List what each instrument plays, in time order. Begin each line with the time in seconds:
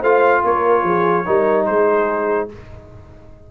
0.00 tuba A3, trombone F4, horn C5, trumpet F5
0.44 tuba A#3, horn A#4, trumpet C#5
0.83 tuba F3, horn G#4
1.25 tuba G3, trombone D#4, horn A#4
1.66 tuba G#3, horn G#4, trumpet C5